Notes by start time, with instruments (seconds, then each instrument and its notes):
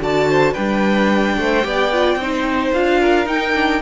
0.00 cello D3, viola F#4, violin D5 A5
0.29 violin C5
0.53 cello G3, viola D4, violin B4 G5
1.37 cello A3, violin C5
1.62 cello B3, viola G4, violin D5
1.92 viola F4
2.16 cello C4, viola D#4, violin C5
2.73 cello D4, viola F4, violin F5
3.00 violin A#4
3.26 viola D#4, cello D#4, violin G5
3.54 viola D4